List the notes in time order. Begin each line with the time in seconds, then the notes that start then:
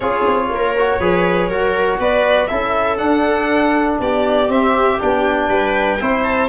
0.00 C#4 F4 G#4 C#5
0.26 C4
0.49 A#3 A#4
0.77 F#4
0.99 F3 G#4 B4
1.49 F#3 F#4 A#4
1.99 B3 B4 D5
2.47 C#4 E4 A4 E5
2.97 D4 F#5
3.99 B3 G4 D5
4.48 C4 E5
4.99 B3 D4 G5
5.48 G3 B4
6.00 C4 E4 C5
6.23 A5